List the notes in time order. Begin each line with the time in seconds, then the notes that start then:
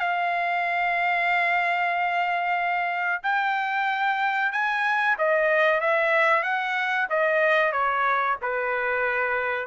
0.00 F5
3.23 G5
4.52 G#5
5.18 D#5
5.81 E5
6.43 F#5
7.10 D#5
7.72 C#5
8.42 B4